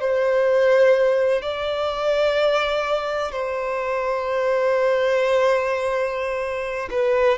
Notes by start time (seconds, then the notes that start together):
0.00 C5
1.42 D5
3.32 C5
6.90 B4